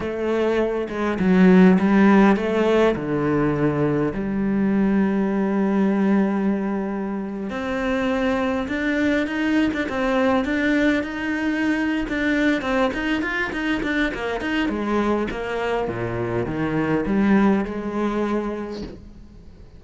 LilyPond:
\new Staff \with { instrumentName = "cello" } { \time 4/4 \tempo 4 = 102 a4. gis8 fis4 g4 | a4 d2 g4~ | g1~ | g8. c'2 d'4 dis'16~ |
dis'8 d'16 c'4 d'4 dis'4~ dis'16~ | dis'8 d'4 c'8 dis'8 f'8 dis'8 d'8 | ais8 dis'8 gis4 ais4 ais,4 | dis4 g4 gis2 | }